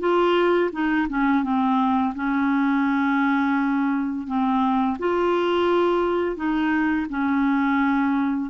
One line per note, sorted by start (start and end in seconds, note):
0.00 0.71 F4
0.72 1.07 D#4
1.09 1.44 C#4
1.44 2.14 C4
2.15 4.27 C#4
4.27 4.98 C4
4.99 6.37 F4
6.37 7.07 D#4
7.09 8.51 C#4